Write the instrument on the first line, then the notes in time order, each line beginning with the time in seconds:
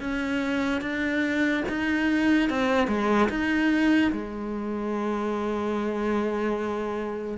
cello
0.00 C#4
0.81 D4
1.68 D#4
2.50 C4
2.87 G#3
3.29 D#4
4.12 G#3